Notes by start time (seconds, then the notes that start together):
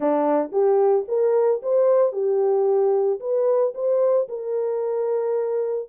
0.00 D4
0.51 G4
1.08 A#4
1.62 C5
2.12 G4
3.20 B4
3.74 C5
4.28 A#4